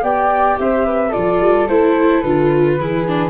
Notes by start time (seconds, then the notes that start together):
0.00 B3 G4 D5 G5
0.59 C4 C5 E5
0.85 B4
1.09 F4 A4 D5
1.16 F3
1.40 G3
1.67 A3 E4 C5
2.20 D3 F4 B4
2.78 E3 E4 G#4
3.07 D4